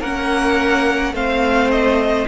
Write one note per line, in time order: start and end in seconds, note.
0.00 1.12 A#3
0.00 1.14 C#4
0.00 1.13 A#4
0.00 1.15 F#5
1.12 2.25 A3
1.12 2.27 C4
1.12 2.27 C5
1.12 1.70 F5
1.70 2.27 D#5